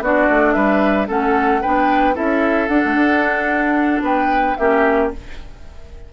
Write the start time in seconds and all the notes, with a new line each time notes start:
0.00 B3 D4 F#4 D5
0.29 A3
0.53 G3 B4 E5
1.07 A3 C#4 A4 F#5
1.61 B3 D4 B4 G5
2.14 C#4 E4 A4 E5
2.68 D4 F#5
2.85 A3
2.94 D4
4.01 B3 B4 G5
4.57 A#3 C#4 G4 E5